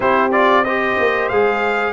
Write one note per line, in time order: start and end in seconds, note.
0.00 0.97 C4
0.00 0.30 E4
0.00 0.63 G4
0.00 0.31 C5
0.31 0.65 F4
0.31 0.64 D5
0.63 1.32 G4
0.63 1.92 C5
0.63 1.28 D#5
0.99 1.30 A#3
1.28 1.92 G#3
1.28 1.92 G#4
1.28 1.92 F5